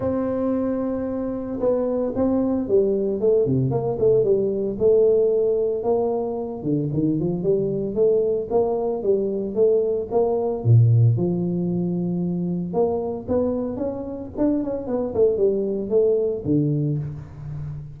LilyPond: \new Staff \with { instrumentName = "tuba" } { \time 4/4 \tempo 4 = 113 c'2. b4 | c'4 g4 a8 c8 ais8 a8 | g4 a2 ais4~ | ais8 d8 dis8 f8 g4 a4 |
ais4 g4 a4 ais4 | ais,4 f2. | ais4 b4 cis'4 d'8 cis'8 | b8 a8 g4 a4 d4 | }